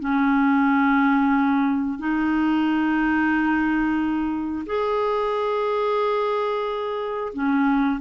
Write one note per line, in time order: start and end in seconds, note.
0.00 1.98 C#4
1.98 4.65 D#4
4.66 7.33 G#4
7.33 8.00 C#4